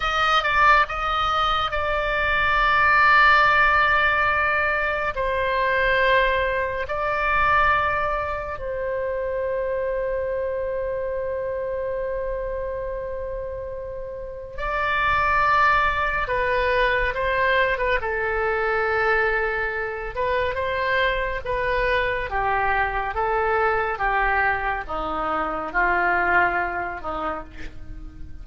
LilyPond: \new Staff \with { instrumentName = "oboe" } { \time 4/4 \tempo 4 = 70 dis''8 d''8 dis''4 d''2~ | d''2 c''2 | d''2 c''2~ | c''1~ |
c''4 d''2 b'4 | c''8. b'16 a'2~ a'8 b'8 | c''4 b'4 g'4 a'4 | g'4 dis'4 f'4. dis'8 | }